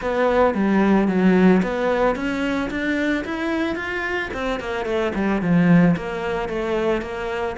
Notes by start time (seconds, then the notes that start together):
0.01 B3
0.54 G3
1.08 F#3
1.62 B3
2.15 C#4
2.70 D4
3.24 E4
3.75 F4
4.33 C4
4.60 A#3
4.85 A3
5.14 G3
5.41 F3
5.96 A#3
6.48 A3
7.01 A#3